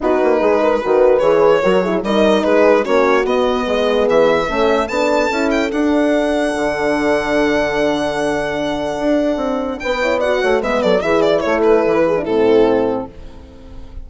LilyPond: <<
  \new Staff \with { instrumentName = "violin" } { \time 4/4 \tempo 4 = 147 b'2. cis''4~ | cis''4 dis''4 b'4 cis''4 | dis''2 e''2 | a''4. g''8 fis''2~ |
fis''1~ | fis''1 | g''4 fis''4 e''8 d''8 e''8 d''8 | cis''8 b'4. a'2 | }
  \new Staff \with { instrumentName = "horn" } { \time 4/4 fis'4 gis'8 ais'8 b'2 | ais'8 gis'8 ais'4 gis'4 fis'4~ | fis'4 gis'2 a'4~ | a'1~ |
a'1~ | a'1 | b'8 cis''8 d''8 cis''8 b'8 a'8 gis'4 | a'4. gis'8 e'2 | }
  \new Staff \with { instrumentName = "horn" } { \time 4/4 dis'2 fis'4 gis'4 | fis'8 e'8 dis'2 cis'4 | b2. cis'4 | d'4 e'4 d'2~ |
d'1~ | d'1~ | d'8 e'8 fis'4 b4 e'4~ | e'4.~ e'16 d'16 c'2 | }
  \new Staff \with { instrumentName = "bassoon" } { \time 4/4 b8 ais8 gis4 dis4 e4 | fis4 g4 gis4 ais4 | b4 gis4 e4 a4 | b4 cis'4 d'2 |
d1~ | d2 d'4 c'4 | b4. a8 gis8 fis8 e4 | a4 e4 a,2 | }
>>